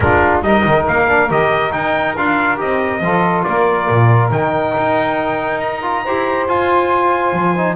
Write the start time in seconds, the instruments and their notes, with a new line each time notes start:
0.00 double bass G#3, trombone D4, saxophone F4, trumpet A#4
0.42 double bass G3, trombone D#4, saxophone A#4, trumpet D#5
0.65 double bass D#3
0.87 double bass A#3, trumpet F5
1.07 trombone D4
1.29 double bass D#3, trombone G4, trumpet D#5
1.71 trombone D#4, double bass D#4, trumpet G5
2.16 double bass D4, trombone F4, trumpet F5
2.57 double bass C4, trombone G4, trumpet D#5
3.00 double bass F3, trombone F4, saxophone A4
3.43 double bass A#3, saxophone A#4, trumpet D5
3.89 double bass A#2
4.30 double bass D#3, trombone D#4, trumpet G5
4.77 double bass D#4
5.60 trumpet A#5
5.82 trombone F4
6.04 double bass E4, trombone G4, saxophone C5
6.48 double bass F4, trombone F4, trumpet G#5
7.32 double bass F3
7.56 trombone D#4